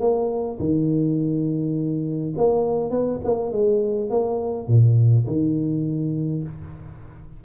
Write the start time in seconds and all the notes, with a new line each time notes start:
0.00 A#3
0.59 D#3
2.37 A#3
2.90 B3
3.24 A#3
3.52 G#3
4.10 A#3
4.68 A#2
5.27 D#3